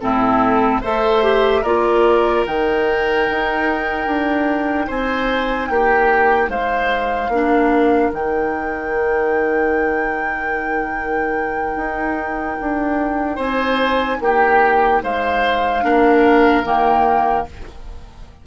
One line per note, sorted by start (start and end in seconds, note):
0.00 0.82 A2
0.00 0.82 C4
0.00 0.81 E4
0.00 0.81 A4
0.81 1.63 A3
0.81 1.22 A4
0.81 1.61 C5
0.81 1.63 E5
1.22 1.63 G4
1.61 2.44 A#3
1.61 2.46 F4
1.61 4.86 A#4
1.61 2.44 D5
2.46 3.27 D#3
2.46 7.33 D#4
2.46 4.89 G5
3.30 4.06 D#4
4.06 4.87 D4
4.87 5.69 C4
4.87 5.68 C5
4.87 5.68 G#5
5.68 6.48 A#3
5.68 6.49 G4
5.68 6.49 G5
6.48 7.28 G#3
6.48 7.30 C5
6.48 8.12 F5
7.28 8.09 A#3
7.28 8.13 D4
7.28 13.35 A#4
8.12 11.76 D#3
8.12 15.82 D#4
8.12 13.39 G5
11.76 12.57 D#4
12.60 13.37 D4
13.35 14.18 C4
13.35 14.16 C5
13.35 14.20 G#5
14.20 15.01 A#3
14.20 15.03 G4
14.20 15.02 G5
15.02 15.83 G#3
15.02 15.83 C5
15.02 16.65 F5
15.82 16.64 A#3
15.82 16.63 D4
15.82 17.46 A#4
16.64 17.45 D#3
16.64 17.46 A#3
16.64 17.46 G5